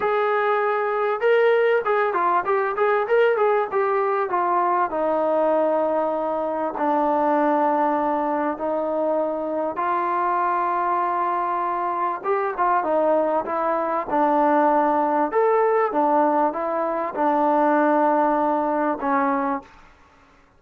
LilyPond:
\new Staff \with { instrumentName = "trombone" } { \time 4/4 \tempo 4 = 98 gis'2 ais'4 gis'8 f'8 | g'8 gis'8 ais'8 gis'8 g'4 f'4 | dis'2. d'4~ | d'2 dis'2 |
f'1 | g'8 f'8 dis'4 e'4 d'4~ | d'4 a'4 d'4 e'4 | d'2. cis'4 | }